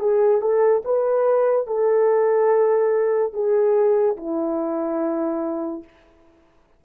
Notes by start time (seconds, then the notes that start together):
0.00 G#4
0.42 A4
0.85 B4
1.67 A4
3.33 G#4
4.17 E4